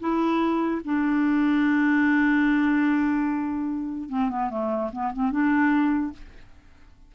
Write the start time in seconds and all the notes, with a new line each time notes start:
0.00 E4
0.85 D4
4.09 C4
4.30 B3
4.50 A3
4.92 B3
5.13 C4
5.31 D4